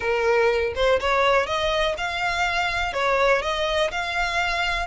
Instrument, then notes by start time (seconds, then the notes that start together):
violin
0.00 A#4
0.75 C5
1.00 C#5
1.46 D#5
1.97 F5
2.93 C#5
3.42 D#5
3.91 F5